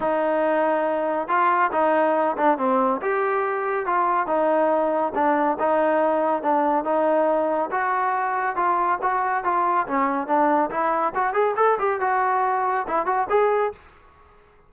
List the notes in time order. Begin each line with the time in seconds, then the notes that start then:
0.00 D#4
1.28 F4
1.72 D#4
2.37 D4
2.58 C4
3.01 G4
3.86 F4
4.26 D#4
5.14 D4
5.59 D#4
6.42 D4
6.84 D#4
7.71 F#4
8.55 F4
9.01 F#4
9.43 F4
9.87 C#4
10.27 D4
10.70 E4
11.14 F#4
11.33 G#4
11.56 A4
11.79 G4
12.00 F#4
12.87 E4
13.06 F#4
13.29 G#4